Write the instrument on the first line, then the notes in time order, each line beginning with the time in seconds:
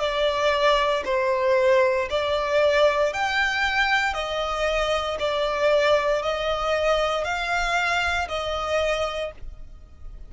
violin
0.00 D5
1.05 C5
2.10 D5
3.13 G5
4.14 D#5
5.19 D5
6.23 D#5
7.25 F5
8.29 D#5